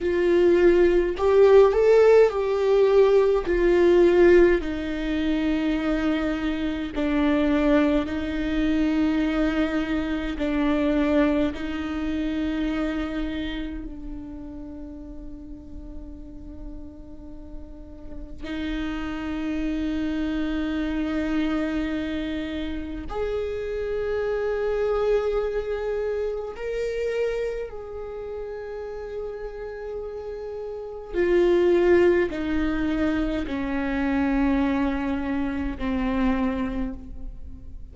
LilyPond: \new Staff \with { instrumentName = "viola" } { \time 4/4 \tempo 4 = 52 f'4 g'8 a'8 g'4 f'4 | dis'2 d'4 dis'4~ | dis'4 d'4 dis'2 | d'1 |
dis'1 | gis'2. ais'4 | gis'2. f'4 | dis'4 cis'2 c'4 | }